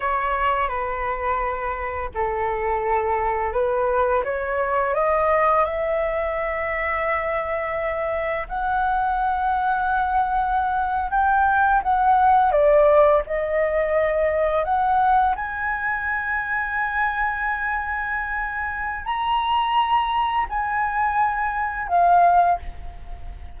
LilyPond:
\new Staff \with { instrumentName = "flute" } { \time 4/4 \tempo 4 = 85 cis''4 b'2 a'4~ | a'4 b'4 cis''4 dis''4 | e''1 | fis''2.~ fis''8. g''16~ |
g''8. fis''4 d''4 dis''4~ dis''16~ | dis''8. fis''4 gis''2~ gis''16~ | gis''2. ais''4~ | ais''4 gis''2 f''4 | }